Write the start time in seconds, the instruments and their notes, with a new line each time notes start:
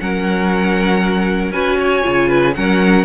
0.00 cello F#3, viola C#4, violin A#4 F#5
1.52 cello C#4, viola F#4, violin B4 G#5
1.80 violin C#5
2.03 cello C#3, viola F4
2.29 violin B4
2.55 cello F#3, viola C#4, violin A#4 F#5